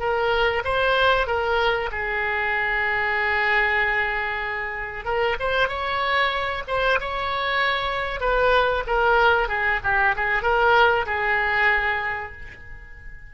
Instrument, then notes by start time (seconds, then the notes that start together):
oboe
0.00 A#4
0.65 C5
1.27 A#4
1.92 G#4
5.05 A#4
5.40 C5
5.69 C#5
6.68 C5
7.01 C#5
8.21 B4
8.87 A#4
9.49 G#4
9.84 G4
10.16 G#4
10.43 A#4
11.06 G#4